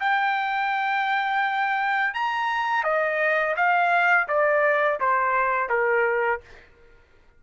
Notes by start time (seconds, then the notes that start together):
0.00 G5
2.14 A#5
2.84 D#5
3.56 F5
4.28 D5
5.00 C5
5.69 A#4